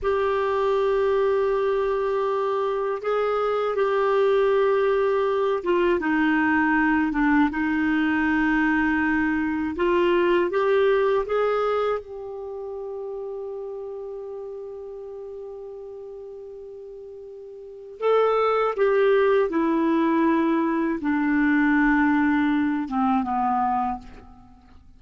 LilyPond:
\new Staff \with { instrumentName = "clarinet" } { \time 4/4 \tempo 4 = 80 g'1 | gis'4 g'2~ g'8 f'8 | dis'4. d'8 dis'2~ | dis'4 f'4 g'4 gis'4 |
g'1~ | g'1 | a'4 g'4 e'2 | d'2~ d'8 c'8 b4 | }